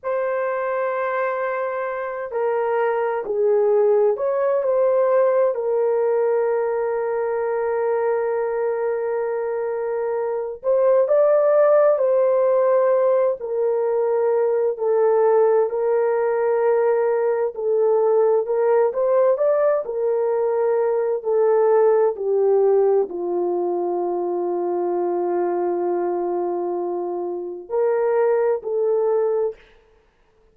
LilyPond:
\new Staff \with { instrumentName = "horn" } { \time 4/4 \tempo 4 = 65 c''2~ c''8 ais'4 gis'8~ | gis'8 cis''8 c''4 ais'2~ | ais'2.~ ais'8 c''8 | d''4 c''4. ais'4. |
a'4 ais'2 a'4 | ais'8 c''8 d''8 ais'4. a'4 | g'4 f'2.~ | f'2 ais'4 a'4 | }